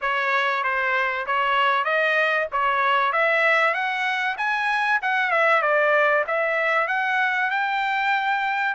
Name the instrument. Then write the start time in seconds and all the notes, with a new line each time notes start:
trumpet
0.01 C#5
0.63 C5
1.26 C#5
1.84 D#5
2.52 C#5
3.12 E5
3.74 F#5
4.37 G#5
5.02 F#5
5.30 E5
5.62 D5
6.27 E5
6.88 F#5
7.50 G5